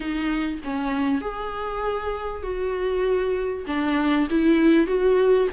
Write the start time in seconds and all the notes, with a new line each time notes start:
0.00 D#4
0.64 C#4
1.21 G#4
2.42 F#4
3.67 D4
4.30 E4
4.86 F#4